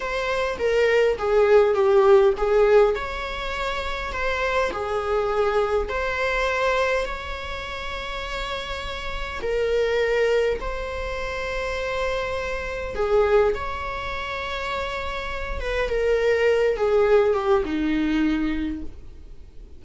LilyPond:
\new Staff \with { instrumentName = "viola" } { \time 4/4 \tempo 4 = 102 c''4 ais'4 gis'4 g'4 | gis'4 cis''2 c''4 | gis'2 c''2 | cis''1 |
ais'2 c''2~ | c''2 gis'4 cis''4~ | cis''2~ cis''8 b'8 ais'4~ | ais'8 gis'4 g'8 dis'2 | }